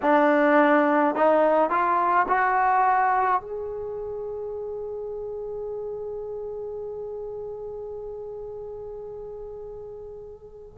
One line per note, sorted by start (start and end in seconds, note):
0.02 1.15 D4
1.15 1.70 D#4
1.70 2.26 F4
2.27 3.41 F#4
3.41 10.77 G#4